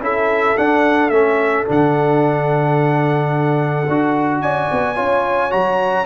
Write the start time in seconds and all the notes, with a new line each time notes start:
0.00 C#4 E4 A4 E5
0.56 D4 F#5
1.09 A3 C#4 E5
1.66 D3 D4 F#5
3.88 D4 F#4
4.40 C#4 D5 G#5
4.71 B3
4.95 C#4 F4 C#5
5.49 F#3 F#4 A#5